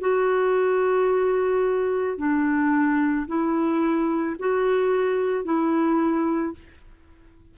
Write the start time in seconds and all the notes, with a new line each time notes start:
0.00 F#4
2.17 D4
3.27 E4
4.39 F#4
5.44 E4